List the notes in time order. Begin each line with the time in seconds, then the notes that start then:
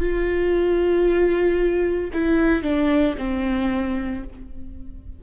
0.00 F4
2.13 E4
2.63 D4
3.18 C4